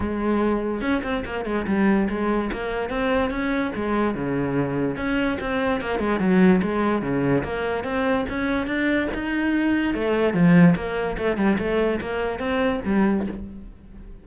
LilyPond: \new Staff \with { instrumentName = "cello" } { \time 4/4 \tempo 4 = 145 gis2 cis'8 c'8 ais8 gis8 | g4 gis4 ais4 c'4 | cis'4 gis4 cis2 | cis'4 c'4 ais8 gis8 fis4 |
gis4 cis4 ais4 c'4 | cis'4 d'4 dis'2 | a4 f4 ais4 a8 g8 | a4 ais4 c'4 g4 | }